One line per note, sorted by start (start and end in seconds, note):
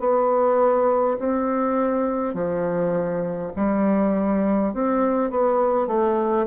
0.00 1.18 B3
1.19 2.34 C4
2.34 3.52 F3
3.56 4.74 G3
4.74 5.30 C4
5.30 5.87 B3
5.87 6.46 A3